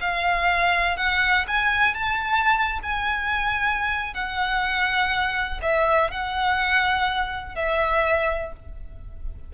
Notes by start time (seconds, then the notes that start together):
0.00 F5
0.96 F#5
1.47 G#5
1.94 A5
2.82 G#5
4.14 F#5
5.62 E5
6.11 F#5
7.55 E5